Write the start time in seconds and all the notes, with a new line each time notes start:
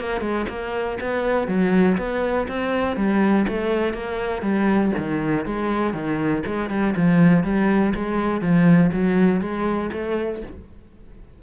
0.00 A#3
0.21 G#3
0.49 A#3
1.01 B3
1.48 F#3
1.98 B3
2.48 C4
2.97 G3
3.48 A3
3.94 A#3
4.42 G3
4.98 D#3
5.46 G#3
5.94 D#3
6.46 G#3
6.70 G3
6.96 F3
7.44 G3
7.95 G#3
8.41 F3
8.92 F#3
9.41 G#3
9.93 A3